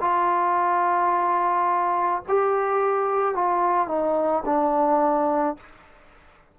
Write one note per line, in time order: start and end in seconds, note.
0.00 2.22 F4
2.28 3.34 G4
3.34 3.87 F4
3.87 4.43 D#4
4.45 5.56 D4